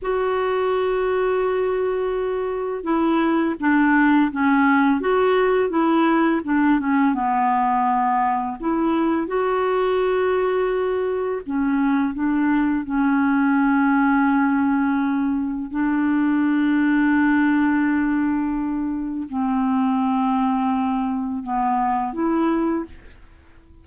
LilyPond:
\new Staff \with { instrumentName = "clarinet" } { \time 4/4 \tempo 4 = 84 fis'1 | e'4 d'4 cis'4 fis'4 | e'4 d'8 cis'8 b2 | e'4 fis'2. |
cis'4 d'4 cis'2~ | cis'2 d'2~ | d'2. c'4~ | c'2 b4 e'4 | }